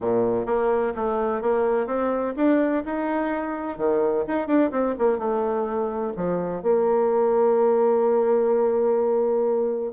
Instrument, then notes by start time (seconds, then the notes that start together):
bassoon
0.00 A#2
0.46 A#3
0.95 A3
1.41 A#3
1.87 C4
2.36 D4
2.85 D#4
3.77 D#3
4.27 D#4
4.47 D4
4.71 C4
4.98 A#3
5.18 A3
6.16 F3
6.62 A#3